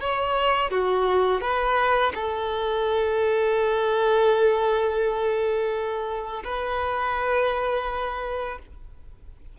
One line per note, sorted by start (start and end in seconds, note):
0.00 0.70 C#5
0.70 1.41 F#4
1.41 2.12 B4
2.14 6.43 A4
6.44 8.58 B4